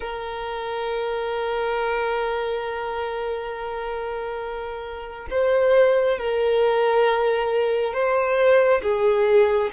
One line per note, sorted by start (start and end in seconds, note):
0.00 5.28 A#4
5.30 6.18 C5
6.18 7.93 A#4
7.93 8.81 C5
8.82 9.70 G#4